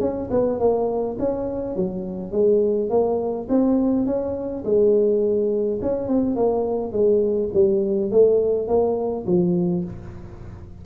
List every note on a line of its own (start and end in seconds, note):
0.00 0.29 C#4
0.30 0.59 B3
0.59 1.16 A#3
1.19 1.75 C#4
1.75 2.32 F#3
2.32 2.89 G#3
2.90 3.47 A#3
3.49 4.06 C4
4.06 4.63 C#4
4.64 5.79 G#3
5.82 6.07 C#4
6.07 6.35 C4
6.35 6.92 A#3
6.92 7.49 G#3
7.53 8.11 G3
8.11 8.67 A3
8.67 9.25 A#3
9.26 9.84 F3